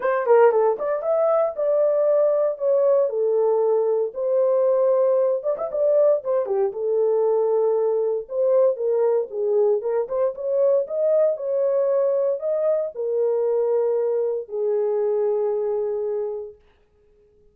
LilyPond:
\new Staff \with { instrumentName = "horn" } { \time 4/4 \tempo 4 = 116 c''8 ais'8 a'8 d''8 e''4 d''4~ | d''4 cis''4 a'2 | c''2~ c''8 d''16 e''16 d''4 | c''8 g'8 a'2. |
c''4 ais'4 gis'4 ais'8 c''8 | cis''4 dis''4 cis''2 | dis''4 ais'2. | gis'1 | }